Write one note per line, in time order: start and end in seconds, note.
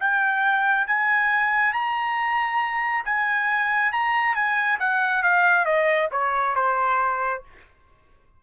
0.00 0.88 G5
0.88 1.74 G#5
1.74 3.05 A#5
3.06 3.93 G#5
3.93 4.35 A#5
4.35 4.79 G#5
4.80 5.24 F#5
5.24 5.66 F5
5.66 6.10 D#5
6.12 6.56 C#5
6.56 7.43 C5